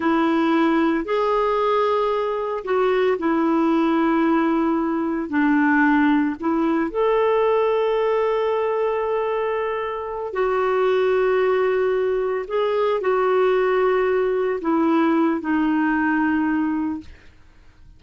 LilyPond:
\new Staff \with { instrumentName = "clarinet" } { \time 4/4 \tempo 4 = 113 e'2 gis'2~ | gis'4 fis'4 e'2~ | e'2 d'2 | e'4 a'2.~ |
a'2.~ a'8 fis'8~ | fis'2.~ fis'8 gis'8~ | gis'8 fis'2. e'8~ | e'4 dis'2. | }